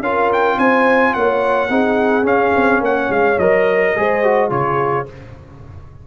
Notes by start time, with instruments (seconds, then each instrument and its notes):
0.00 tuba C#4, trombone F4, horn A#4, trumpet F5
0.33 trumpet G5
0.57 tuba C4, horn C5, trumpet G#5
1.14 tuba A#3, horn C#5, trumpet F#5
1.69 tuba C4, trombone D#4, horn G#4
2.23 tuba C#4, trombone C#4, trumpet F5
2.56 tuba C4
2.80 tuba A#3, horn C#5, trumpet F#5
3.10 tuba G#3, trumpet F5
3.38 tuba F#3, trombone A#4, trumpet D#5
3.96 tuba G#3, trombone G#4, horn C5
4.23 trombone F#4
4.50 tuba C#3, trombone F4, horn G#4, trumpet C#5